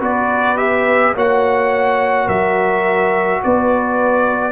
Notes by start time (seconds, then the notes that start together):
0.00 B3 F#4 B4 D5
0.57 G4 E5
1.15 A#3 F#4 C#5 F#5
2.26 F#3 A#4 E5
3.43 B3 B4 D5